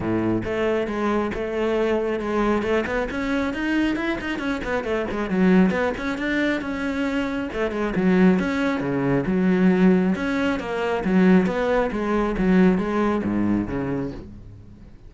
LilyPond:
\new Staff \with { instrumentName = "cello" } { \time 4/4 \tempo 4 = 136 a,4 a4 gis4 a4~ | a4 gis4 a8 b8 cis'4 | dis'4 e'8 dis'8 cis'8 b8 a8 gis8 | fis4 b8 cis'8 d'4 cis'4~ |
cis'4 a8 gis8 fis4 cis'4 | cis4 fis2 cis'4 | ais4 fis4 b4 gis4 | fis4 gis4 gis,4 cis4 | }